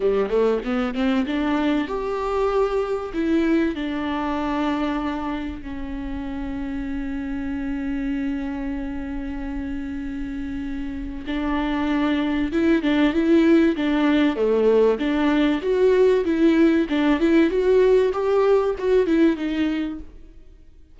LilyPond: \new Staff \with { instrumentName = "viola" } { \time 4/4 \tempo 4 = 96 g8 a8 b8 c'8 d'4 g'4~ | g'4 e'4 d'2~ | d'4 cis'2.~ | cis'1~ |
cis'2 d'2 | e'8 d'8 e'4 d'4 a4 | d'4 fis'4 e'4 d'8 e'8 | fis'4 g'4 fis'8 e'8 dis'4 | }